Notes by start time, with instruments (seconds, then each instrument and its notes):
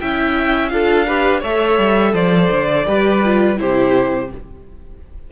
0.00 cello C#4, viola E4, violin E5 G5
0.69 cello D4, viola F4, violin A4 F5
1.07 viola G4, violin B4
1.40 cello A3, viola A4, violin C#5 E5
1.79 cello G3
2.14 cello F3, violin C5 D5
2.51 cello D3
2.86 cello G3, viola G4, violin B4
3.25 viola F4
3.57 cello C3, viola E4, violin G4 C5